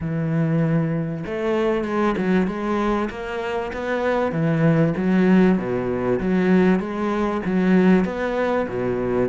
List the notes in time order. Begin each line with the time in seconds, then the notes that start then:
0.00 E3
1.25 A3
1.84 G#3
2.17 F#3
2.47 G#3
3.10 A#3
3.73 B3
4.32 E3
4.96 F#3
5.58 B2
6.19 F#3
6.79 G#3
7.45 F#3
8.04 B3
8.68 B2